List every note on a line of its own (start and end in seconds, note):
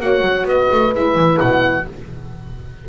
0.00 0.21 A#3
0.00 0.92 F#4
0.00 0.49 C#5
0.00 0.47 F#5
0.21 0.44 F#3
0.44 0.67 B3
0.44 1.89 B4
0.44 0.95 D#5
0.72 0.95 A3
0.92 1.15 G#3
0.92 1.85 E4
0.92 1.40 E5
1.15 1.39 E3
1.40 1.88 B2
1.40 1.86 F#5